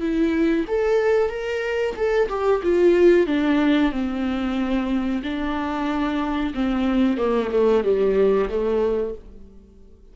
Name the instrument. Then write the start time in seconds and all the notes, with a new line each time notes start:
viola
0.00 E4
0.68 A4
1.29 A#4
1.96 A4
2.29 G4
2.63 F4
3.26 D4
3.91 C4
5.23 D4
6.54 C4
7.17 A#3
7.51 A3
7.83 G3
8.49 A3